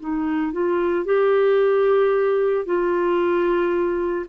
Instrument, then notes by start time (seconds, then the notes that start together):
clarinet
0.00 D#4
0.53 F4
1.06 G4
2.66 F4